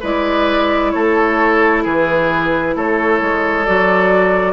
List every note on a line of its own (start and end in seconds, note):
0.00 0.94 G#3
0.00 3.66 E4
0.00 0.91 B4
0.00 0.91 D5
0.91 1.85 A3
0.91 1.83 A4
0.91 1.82 C#5
1.83 2.75 E3
1.83 2.74 G#4
1.83 2.76 B4
2.75 3.21 A3
2.75 4.52 A4
2.75 3.65 C#5
3.21 3.66 G#3
3.65 4.52 F#3
3.65 4.52 F#4
3.65 4.52 D5